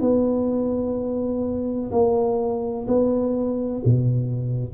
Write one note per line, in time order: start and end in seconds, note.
0.00 1.90 B3
1.91 2.86 A#3
2.87 3.82 B3
3.85 4.74 B2